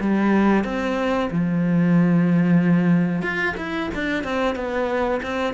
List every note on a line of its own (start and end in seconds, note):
0.00 0.64 G3
0.64 1.29 C4
1.31 3.22 F3
3.22 3.55 F4
3.57 3.90 E4
3.95 4.24 D4
4.24 4.56 C4
4.56 5.21 B3
5.23 5.54 C4